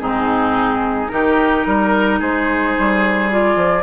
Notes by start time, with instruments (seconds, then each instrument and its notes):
0.00 bassoon G#2, clarinet C4, oboe D#4, flute G#4
1.09 bassoon D#3, clarinet D#4, oboe G4, flute A#4
1.67 bassoon G3, oboe A#4
2.19 bassoon G#3, oboe G#4, flute C5
2.79 bassoon G3
3.31 clarinet F4, flute D5
3.56 bassoon F3